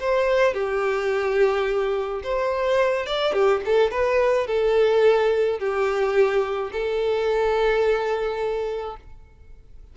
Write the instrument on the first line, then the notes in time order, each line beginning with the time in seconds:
violin
0.00 C5
0.54 G4
2.23 C5
3.06 D5
3.33 G4
3.65 A4
3.91 B4
4.47 A4
5.59 G4
6.72 A4